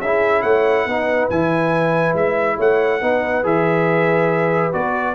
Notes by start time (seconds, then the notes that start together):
0.00 C#4 E4 G#4 E5
0.42 A3 C#5 F#5
0.86 B3 D#4 B4
1.30 E3 E4 G#5
2.13 G#3 E5
2.57 A3 C#5 F#5
3.01 B3 D#4 B4
3.43 E3 G#4 E5
4.72 B3 F#4 D5